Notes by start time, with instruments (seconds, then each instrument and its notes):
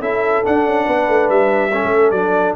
0.00 tuba C#4, trombone E4, horn A4, trumpet E5
0.44 trombone D4, tuba D4, trumpet F#5
0.66 tuba C#4
0.85 tuba B3, horn B4
1.08 tuba A3
1.29 tuba G3, trumpet E5
1.71 trombone C#4, horn A4
1.84 tuba A3
2.11 tuba F#3, trombone D4, trumpet D5